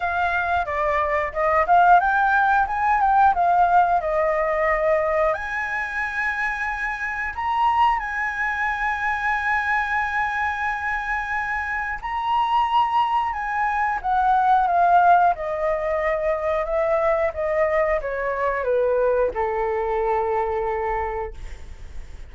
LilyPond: \new Staff \with { instrumentName = "flute" } { \time 4/4 \tempo 4 = 90 f''4 d''4 dis''8 f''8 g''4 | gis''8 g''8 f''4 dis''2 | gis''2. ais''4 | gis''1~ |
gis''2 ais''2 | gis''4 fis''4 f''4 dis''4~ | dis''4 e''4 dis''4 cis''4 | b'4 a'2. | }